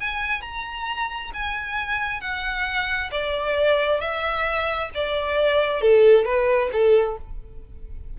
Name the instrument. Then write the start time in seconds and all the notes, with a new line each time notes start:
violin
0.00 G#5
0.41 A#5
1.34 G#5
2.21 F#5
3.11 D5
4.00 E5
4.94 D5
5.81 A4
6.25 B4
6.72 A4